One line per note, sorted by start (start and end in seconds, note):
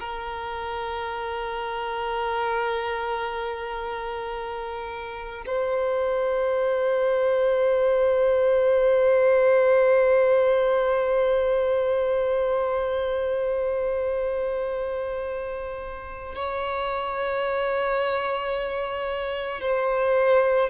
0.00 5.45 A#4
5.47 16.35 C5
16.35 19.62 C#5
19.62 20.70 C5